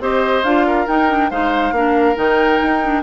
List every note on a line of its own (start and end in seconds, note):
0.00 0.43 C4
0.00 0.44 G4
0.00 0.67 C5
0.00 0.44 D#5
0.44 0.87 D4
0.44 0.87 F4
0.44 0.87 F5
0.67 1.31 A#4
0.87 1.09 D#4
0.87 1.31 D#4
0.87 1.31 G5
1.09 1.30 D4
1.31 1.72 G#3
1.31 1.74 D#4
1.31 1.74 C5
1.31 2.17 F5
1.72 2.15 A#3
1.72 2.15 D4
1.72 3.03 A#4
2.15 2.60 D#3
2.15 2.80 D#4
2.15 3.03 G5
2.62 3.03 D#4
2.84 3.03 D4